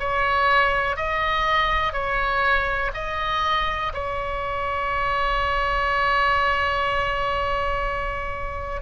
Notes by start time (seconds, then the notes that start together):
0.00 C#5
0.97 D#5
1.93 C#5
2.94 D#5
3.94 C#5